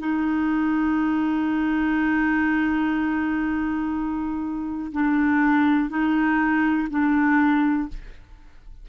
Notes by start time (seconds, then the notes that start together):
0.00 D#4
4.92 D4
5.90 D#4
6.90 D4